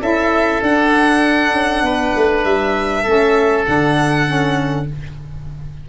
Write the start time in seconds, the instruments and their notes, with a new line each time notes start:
0.00 tuba C#4, saxophone E4, oboe A4, violin E5
0.62 tuba D4, saxophone D4, violin F#5
1.52 tuba C#4
1.83 tuba B3, oboe B4
2.16 tuba A3
2.44 tuba G3, violin E5
3.03 tuba A3, saxophone C#4, oboe A4
3.66 tuba D3, saxophone D4, violin F#5
4.26 saxophone C#4